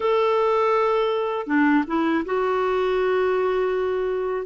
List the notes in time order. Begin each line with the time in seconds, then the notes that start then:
0.00 A4
1.46 D4
1.87 E4
2.25 F#4